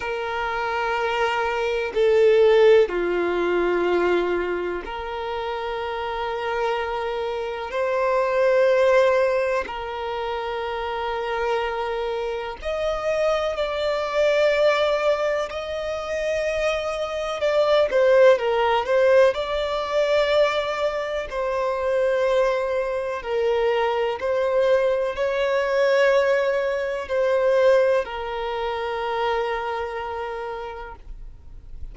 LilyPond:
\new Staff \with { instrumentName = "violin" } { \time 4/4 \tempo 4 = 62 ais'2 a'4 f'4~ | f'4 ais'2. | c''2 ais'2~ | ais'4 dis''4 d''2 |
dis''2 d''8 c''8 ais'8 c''8 | d''2 c''2 | ais'4 c''4 cis''2 | c''4 ais'2. | }